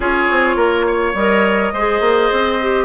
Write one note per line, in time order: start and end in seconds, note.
0.00 0.27 C#4
0.00 1.15 F4
0.00 0.56 G#4
0.00 1.16 C#5
0.31 0.56 C4
0.56 1.13 A#3
0.56 0.85 A#4
0.86 1.73 C#5
1.14 1.71 G3
1.14 1.74 A#4
1.14 2.84 D#5
1.73 2.00 G#3
1.73 2.61 G#4
1.73 2.84 C5
2.00 2.29 A#3
2.32 2.84 C4
2.61 2.84 G4